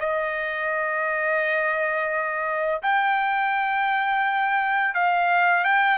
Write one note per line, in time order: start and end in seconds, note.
0.00 2.82 D#5
2.83 4.95 G5
4.95 5.65 F5
5.65 5.99 G5